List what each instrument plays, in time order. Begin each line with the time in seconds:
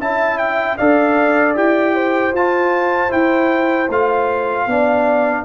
0.00 tuba C#4, trombone E4, horn E5, trumpet A5
0.38 trumpet G5
0.78 tuba D4, trombone A4, horn D5, trumpet F5
1.56 tuba E4, trombone G4, trumpet G5
1.95 horn C5
2.33 tuba F4, trombone F4, trumpet A5
3.10 trombone E4, tuba E4, trumpet G5
3.89 tuba A3, trombone F4, trumpet F5
4.67 tuba B3, trombone D4, horn D5